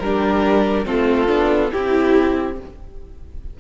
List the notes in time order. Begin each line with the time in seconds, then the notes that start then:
0.00 G3 D4 G4 A#4
0.86 A3 C4 F4 A4
1.27 B3 D4
1.71 C4 E4 G4